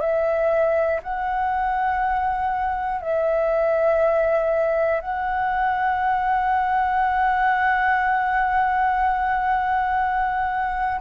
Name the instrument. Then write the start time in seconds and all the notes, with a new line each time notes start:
flute
0.00 E5
1.02 F#5
3.00 E5
5.00 F#5